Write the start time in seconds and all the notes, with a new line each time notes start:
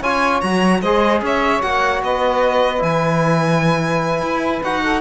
0.00 C#4 F4 C#5 G#5
0.41 F#3 F#4 A#5
0.82 G#3 G#4 C5 D#5
1.21 C#4 C#5 E5
1.62 A#3 F#4 F#5
2.03 B3 B4 D#5
2.79 E3 E4 G#5
4.22 E4
4.63 D#4 F#4 F#5
4.82 A4